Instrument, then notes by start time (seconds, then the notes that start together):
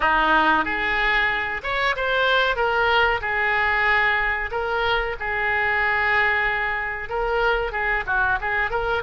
oboe
0.00 D#4
0.65 G#4
1.63 C#5
1.96 C5
2.55 A#4
3.21 G#4
4.51 A#4
5.19 G#4
7.09 A#4
7.72 G#4
8.06 F#4
8.40 G#4
8.70 A#4